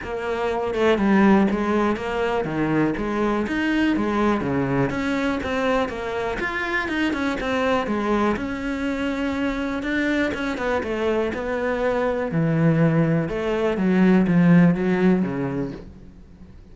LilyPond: \new Staff \with { instrumentName = "cello" } { \time 4/4 \tempo 4 = 122 ais4. a8 g4 gis4 | ais4 dis4 gis4 dis'4 | gis4 cis4 cis'4 c'4 | ais4 f'4 dis'8 cis'8 c'4 |
gis4 cis'2. | d'4 cis'8 b8 a4 b4~ | b4 e2 a4 | fis4 f4 fis4 cis4 | }